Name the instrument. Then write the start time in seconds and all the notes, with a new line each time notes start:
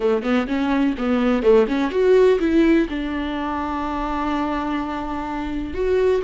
viola
0.00 A3
0.22 B3
0.47 C#4
0.97 B3
1.42 A3
1.68 C#4
1.90 F#4
2.39 E4
2.89 D4
5.73 F#4